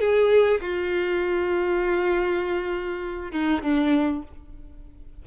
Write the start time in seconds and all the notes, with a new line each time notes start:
0.00 G#4
0.61 F4
3.31 D#4
3.62 D4